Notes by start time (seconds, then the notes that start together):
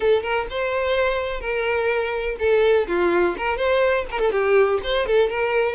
0.00 A4
0.22 A#4
0.50 C5
1.40 A#4
2.39 A4
2.87 F4
3.37 A#4
3.57 C5
4.11 A#4
4.19 A4
4.31 G4
4.83 C5
5.06 A4
5.29 A#4